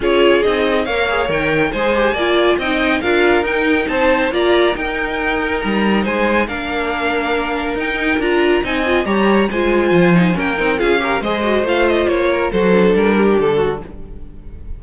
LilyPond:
<<
  \new Staff \with { instrumentName = "violin" } { \time 4/4 \tempo 4 = 139 cis''4 dis''4 f''4 g''4 | gis''2 g''4 f''4 | g''4 a''4 ais''4 g''4~ | g''4 ais''4 gis''4 f''4~ |
f''2 g''4 ais''4 | gis''4 ais''4 gis''2 | g''4 f''4 dis''4 f''8 dis''8 | cis''4 c''4 ais'4 a'4 | }
  \new Staff \with { instrumentName = "violin" } { \time 4/4 gis'2 cis''2 | c''4 d''4 dis''4 ais'4~ | ais'4 c''4 d''4 ais'4~ | ais'2 c''4 ais'4~ |
ais'1 | dis''4 cis''4 c''2 | ais'4 gis'8 ais'8 c''2~ | c''8 ais'8 a'4. g'4 fis'8 | }
  \new Staff \with { instrumentName = "viola" } { \time 4/4 f'4 dis'4 ais'8 gis'8 ais'4 | gis'8 g'8 f'4 dis'4 f'4 | dis'2 f'4 dis'4~ | dis'2. d'4~ |
d'2 dis'4 f'4 | dis'8 f'8 g'4 f'4. dis'8 | cis'8 dis'8 f'8 g'8 gis'8 fis'8 f'4~ | f'4 fis'8 d'2~ d'8 | }
  \new Staff \with { instrumentName = "cello" } { \time 4/4 cis'4 c'4 ais4 dis4 | gis4 ais4 c'4 d'4 | dis'4 c'4 ais4 dis'4~ | dis'4 g4 gis4 ais4~ |
ais2 dis'4 d'4 | c'4 g4 gis4 f4 | ais8 c'8 cis'4 gis4 a4 | ais4 fis4 g4 d4 | }
>>